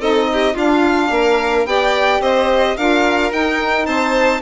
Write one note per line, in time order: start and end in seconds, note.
0.00 0.55 C4
0.00 0.55 D#4
0.00 0.28 A4
0.00 0.56 D#5
0.33 0.54 G4
0.54 1.11 D4
0.54 1.67 D4
0.54 1.09 F4
0.54 1.66 F5
1.11 1.65 A#3
1.11 1.68 A#4
1.65 2.20 B3
1.65 2.77 G4
1.65 2.21 D5
1.65 2.21 G5
2.21 2.76 C4
2.21 2.76 C5
2.21 2.77 D#5
2.77 3.33 D4
2.77 3.31 F4
2.77 3.86 A#4
2.77 3.32 F5
3.31 4.41 D#4
3.31 3.87 D#4
3.31 3.86 G5
3.86 4.42 C4
3.86 4.41 C5
3.86 4.41 A5